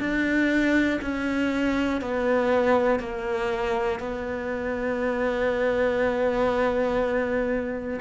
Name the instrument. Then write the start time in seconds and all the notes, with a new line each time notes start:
cello
0.00 D4
1.02 C#4
2.01 B3
3.00 A#3
4.00 B3